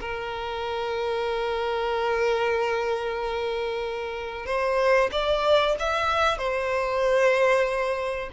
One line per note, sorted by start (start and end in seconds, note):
0.00 4.46 A#4
4.46 5.10 C5
5.12 5.75 D5
5.79 6.38 E5
6.38 8.29 C5